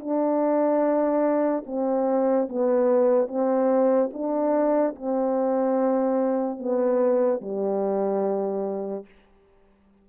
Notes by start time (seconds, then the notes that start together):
0.00 D4
1.67 C4
2.49 B3
3.28 C4
4.13 D4
4.96 C4
6.59 B3
7.42 G3